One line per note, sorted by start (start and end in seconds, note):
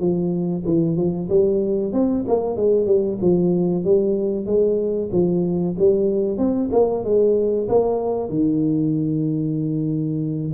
0.00 0.64 F3
0.66 0.97 E3
0.97 1.29 F3
1.29 1.93 G3
1.93 2.25 C4
2.28 2.56 A#3
2.56 2.86 G#3
2.86 3.18 G3
3.21 3.84 F3
3.84 4.46 G3
4.46 5.10 G#3
5.12 5.76 F3
5.79 6.38 G3
6.38 6.70 C4
6.72 7.04 A#3
7.04 7.68 G#3
7.69 8.29 A#3
8.29 10.53 D#3